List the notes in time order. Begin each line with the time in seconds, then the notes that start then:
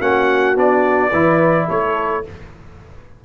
0.00 A#3 C#4 F#4 F#5
0.56 B3 D4 D5
1.11 E3 E4 B4
1.68 A3 A4 C#5